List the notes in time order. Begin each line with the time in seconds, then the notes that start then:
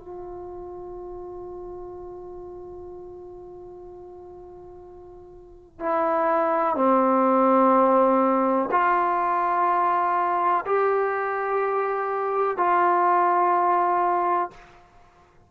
0.00 F4
5.80 E4
6.76 C4
8.72 F4
10.66 G4
12.58 F4